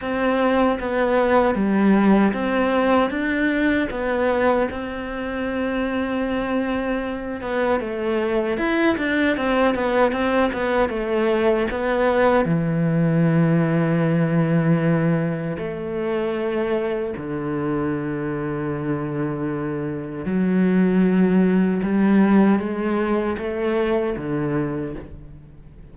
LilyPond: \new Staff \with { instrumentName = "cello" } { \time 4/4 \tempo 4 = 77 c'4 b4 g4 c'4 | d'4 b4 c'2~ | c'4. b8 a4 e'8 d'8 | c'8 b8 c'8 b8 a4 b4 |
e1 | a2 d2~ | d2 fis2 | g4 gis4 a4 d4 | }